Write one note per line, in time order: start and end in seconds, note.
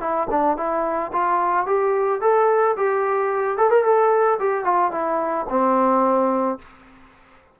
0.00 0.27 E4
0.30 0.57 D4
0.57 1.11 E4
1.12 1.66 F4
1.66 2.20 G4
2.21 2.75 A4
2.76 3.57 G4
3.57 3.70 A4
3.70 3.84 A#4
3.84 4.38 A4
4.39 4.64 G4
4.64 4.91 F4
4.91 5.46 E4
5.49 6.58 C4